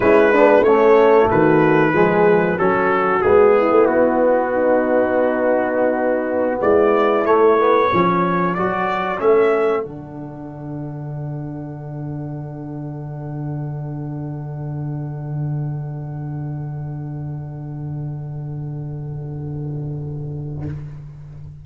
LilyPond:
<<
  \new Staff \with { instrumentName = "trumpet" } { \time 4/4 \tempo 4 = 93 b'4 cis''4 b'2 | a'4 gis'4 fis'2~ | fis'2~ fis'16 d''4 cis''8.~ | cis''4~ cis''16 d''4 e''4 fis''8.~ |
fis''1~ | fis''1~ | fis''1~ | fis''1 | }
  \new Staff \with { instrumentName = "horn" } { \time 4/4 e'8 d'8 cis'4 fis'4 gis'4 | fis'4. e'4. dis'4~ | dis'2~ dis'16 e'4.~ e'16~ | e'16 a'2.~ a'8.~ |
a'1~ | a'1~ | a'1~ | a'1 | }
  \new Staff \with { instrumentName = "trombone" } { \time 4/4 cis'8 b8 a2 gis4 | cis'4 b2.~ | b2.~ b16 a8 b16~ | b16 cis'4 fis'4 cis'4 d'8.~ |
d'1~ | d'1~ | d'1~ | d'1 | }
  \new Staff \with { instrumentName = "tuba" } { \time 4/4 gis4 a4 dis4 f4 | fis4 gis8. a16 b2~ | b2~ b16 gis4 a8.~ | a16 f4 fis4 a4 d8.~ |
d1~ | d1~ | d1~ | d1 | }
>>